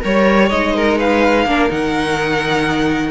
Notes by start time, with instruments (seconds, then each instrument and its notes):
0.00 cello G3, viola A#4, violin C#5
0.49 cello G#3, viola D#4, violin D#5
0.76 violin A#4
0.98 violin B4 F5
1.46 cello A#3, viola D4, violin A#4
1.69 cello D#3, viola D#4, violin F#5